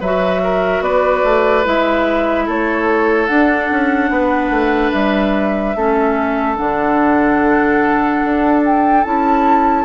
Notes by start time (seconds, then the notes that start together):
0.00 F#3 F#4 B4 E5
0.43 A#4
0.80 B3 B4 D5
1.23 A3
1.64 G#3 E4 E5
2.45 A3 A4 C#5
3.26 D4 F#5
3.70 C#4
4.10 B3 B4
4.50 A3
4.91 G3 E5
5.75 A3 C#4 A4
6.56 D3 D4 F#5
8.24 D4
8.65 G5
9.03 C#4 E4 A5